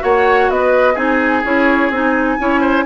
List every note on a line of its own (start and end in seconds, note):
0.00 0.49 A#3
0.00 0.94 F#4
0.00 0.50 C#5
0.00 0.50 F#5
0.49 0.96 B3
0.49 0.94 B4
0.49 0.96 D#5
0.94 1.43 C4
0.94 1.43 D#4
0.94 2.36 G#4
0.94 1.44 G#5
1.43 1.90 C#4
1.43 1.91 E4
1.43 1.91 C#5
1.90 2.37 C4
1.90 2.39 D#4
1.90 2.86 G#5
2.39 2.86 C#4
2.39 2.86 E4
2.39 2.60 C#5
2.60 2.84 C5